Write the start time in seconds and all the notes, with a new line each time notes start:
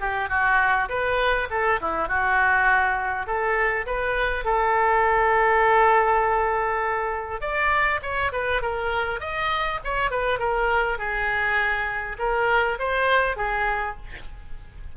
0.00 G4
0.29 F#4
0.89 B4
1.50 A4
1.81 E4
2.08 F#4
3.26 A4
3.86 B4
4.44 A4
7.40 D5
8.02 C#5
8.32 B4
8.61 A#4
9.20 D#5
9.84 C#5
10.10 B4
10.39 A#4
10.98 G#4
12.18 A#4
12.79 C5
13.36 G#4